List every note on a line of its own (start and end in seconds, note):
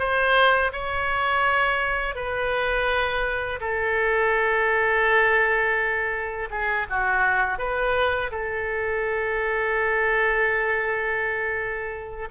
0.00 0.72 C5
0.73 2.16 C#5
2.16 3.60 B4
3.61 6.50 A4
6.51 6.87 G#4
6.90 7.59 F#4
7.59 8.31 B4
8.32 12.29 A4